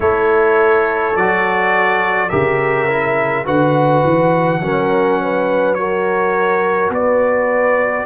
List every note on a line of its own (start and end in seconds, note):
0.00 1.15 A3
0.00 1.14 E4
0.00 2.29 A4
0.00 1.16 C#5
1.15 2.31 F#3
1.15 2.29 F#4
1.15 2.29 D5
2.29 3.45 C#3
2.29 2.87 G4
2.29 3.44 A#4
2.29 3.44 E5
2.88 3.45 E4
3.45 4.03 D3
3.45 4.60 F#4
3.45 4.60 B4
3.45 5.74 F#5
4.04 4.60 E3
4.60 6.89 F#3
4.60 5.76 C#4
4.60 5.21 A#4
5.22 5.79 B4
5.74 8.05 F#4
5.74 6.94 A#4
5.74 6.89 C#5
6.89 8.05 B3
6.89 8.05 B4
6.89 8.05 D5